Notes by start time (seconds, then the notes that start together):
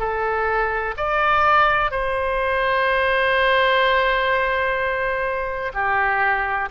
0.00 A4
0.97 D5
1.92 C5
5.74 G4